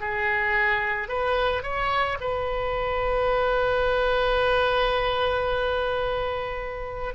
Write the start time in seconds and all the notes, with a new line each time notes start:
0.00 G#4
1.08 B4
1.63 C#5
2.20 B4